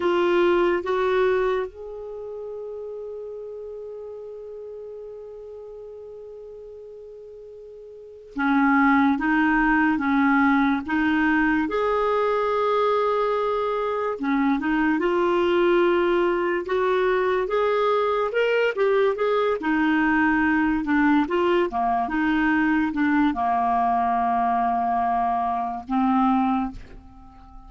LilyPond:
\new Staff \with { instrumentName = "clarinet" } { \time 4/4 \tempo 4 = 72 f'4 fis'4 gis'2~ | gis'1~ | gis'2 cis'4 dis'4 | cis'4 dis'4 gis'2~ |
gis'4 cis'8 dis'8 f'2 | fis'4 gis'4 ais'8 g'8 gis'8 dis'8~ | dis'4 d'8 f'8 ais8 dis'4 d'8 | ais2. c'4 | }